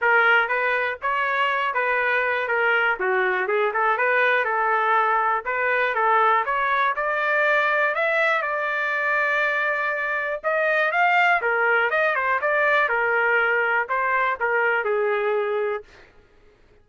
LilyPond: \new Staff \with { instrumentName = "trumpet" } { \time 4/4 \tempo 4 = 121 ais'4 b'4 cis''4. b'8~ | b'4 ais'4 fis'4 gis'8 a'8 | b'4 a'2 b'4 | a'4 cis''4 d''2 |
e''4 d''2.~ | d''4 dis''4 f''4 ais'4 | dis''8 c''8 d''4 ais'2 | c''4 ais'4 gis'2 | }